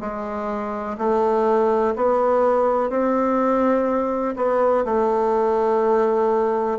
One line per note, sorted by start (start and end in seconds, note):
0.00 0.97 G#3
0.97 1.94 A3
1.95 2.89 B3
2.89 4.35 C4
4.36 4.84 B3
4.85 6.78 A3